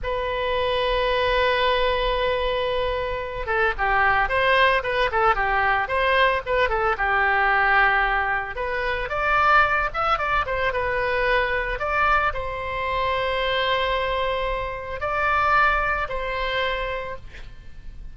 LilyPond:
\new Staff \with { instrumentName = "oboe" } { \time 4/4 \tempo 4 = 112 b'1~ | b'2~ b'8 a'8 g'4 | c''4 b'8 a'8 g'4 c''4 | b'8 a'8 g'2. |
b'4 d''4. e''8 d''8 c''8 | b'2 d''4 c''4~ | c''1 | d''2 c''2 | }